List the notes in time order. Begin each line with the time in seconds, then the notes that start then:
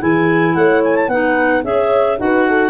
0.00 E3 E4 G#4 G#5
0.55 A3 C#5 F#5
0.84 G#5
0.96 A5
1.08 B3 D#4 B4 F#5
1.64 C#4 G#4 C#5 E5
2.18 D#4 F#4 B4 F#5
2.49 A4